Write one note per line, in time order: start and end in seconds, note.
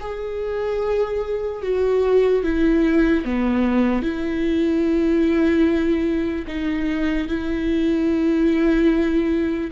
0.00 1.62 G#4
1.62 2.43 F#4
2.43 3.24 E4
3.24 4.02 B3
4.02 6.45 E4
6.47 7.27 D#4
7.27 9.70 E4